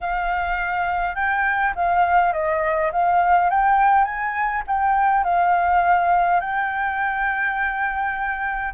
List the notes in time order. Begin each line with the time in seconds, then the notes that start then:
0.00 F5
1.15 G5
1.75 F5
2.32 D#5
2.92 F5
3.50 G5
4.04 G#5
4.67 G5
5.24 F5
6.40 G5